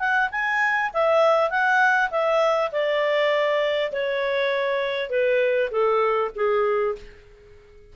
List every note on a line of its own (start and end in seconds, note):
0.00 0.30 F#5
0.32 0.92 G#5
0.94 1.51 E5
1.51 2.11 F#5
2.11 2.71 E5
2.72 3.92 D5
3.93 5.10 C#5
5.10 5.70 B4
5.72 6.32 A4
6.36 6.96 G#4